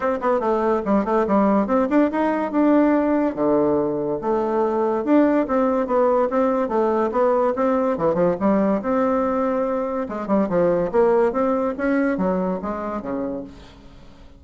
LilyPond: \new Staff \with { instrumentName = "bassoon" } { \time 4/4 \tempo 4 = 143 c'8 b8 a4 g8 a8 g4 | c'8 d'8 dis'4 d'2 | d2 a2 | d'4 c'4 b4 c'4 |
a4 b4 c'4 e8 f8 | g4 c'2. | gis8 g8 f4 ais4 c'4 | cis'4 fis4 gis4 cis4 | }